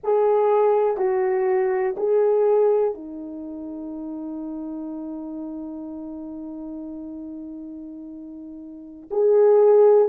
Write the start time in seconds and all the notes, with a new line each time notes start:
0.03 G#4
0.97 F#4
1.97 G#4
2.94 D#4
9.11 G#4